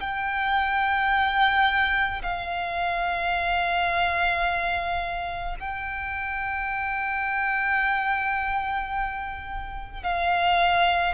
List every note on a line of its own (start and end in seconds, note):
0.00 2.22 G5
2.23 5.56 F5
5.60 10.04 G5
10.04 11.14 F5